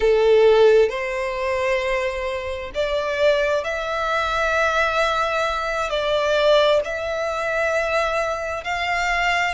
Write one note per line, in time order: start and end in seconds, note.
0.00 0.89 A4
0.89 2.71 C5
2.74 3.64 D5
3.64 5.90 E5
5.90 6.81 D5
6.84 8.64 E5
8.64 9.54 F5